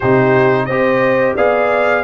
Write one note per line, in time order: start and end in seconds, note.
0.00 0.68 C3
0.00 0.70 D#4
0.00 0.66 G4
0.00 0.65 C5
0.65 1.36 C4
0.65 1.37 G4
0.65 1.35 C5
0.65 1.34 D#5
1.35 2.04 B3
1.35 2.04 G#4
1.35 2.03 D5
1.35 2.04 F5